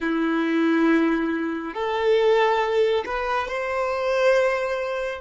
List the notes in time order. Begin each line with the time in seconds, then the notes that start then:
0.00 E4
1.74 A4
3.05 B4
3.48 C5